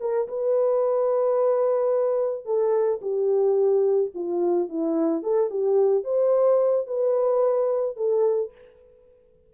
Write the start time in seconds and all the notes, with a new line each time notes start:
0.00 A#4
0.28 B4
2.45 A4
3.02 G4
4.14 F4
4.68 E4
5.23 A4
5.50 G4
6.04 C5
6.87 B4
7.96 A4